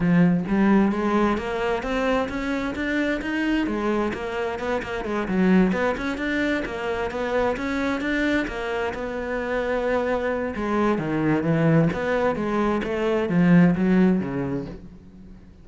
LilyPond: \new Staff \with { instrumentName = "cello" } { \time 4/4 \tempo 4 = 131 f4 g4 gis4 ais4 | c'4 cis'4 d'4 dis'4 | gis4 ais4 b8 ais8 gis8 fis8~ | fis8 b8 cis'8 d'4 ais4 b8~ |
b8 cis'4 d'4 ais4 b8~ | b2. gis4 | dis4 e4 b4 gis4 | a4 f4 fis4 cis4 | }